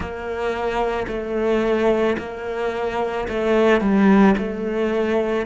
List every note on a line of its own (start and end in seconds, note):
0.00 1.06 A#3
1.07 2.16 A3
2.18 3.27 A#3
3.28 3.80 A3
3.80 4.35 G3
4.37 5.45 A3